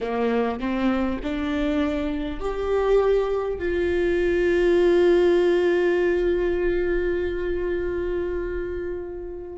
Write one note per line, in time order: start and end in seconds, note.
0.00 0.59 A#3
0.59 1.19 C4
1.23 2.40 D4
2.40 3.58 G4
3.58 9.58 F4